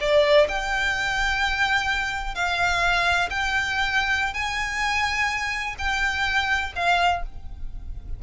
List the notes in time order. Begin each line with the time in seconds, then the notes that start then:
0.00 D5
0.48 G5
2.35 F5
3.30 G5
4.34 G#5
5.78 G5
6.75 F5